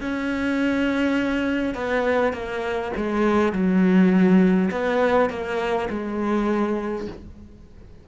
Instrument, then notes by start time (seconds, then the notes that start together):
cello
0.00 C#4
1.74 B3
2.33 A#3
2.97 G#3
3.52 F#3
4.71 B3
5.29 A#3
5.90 G#3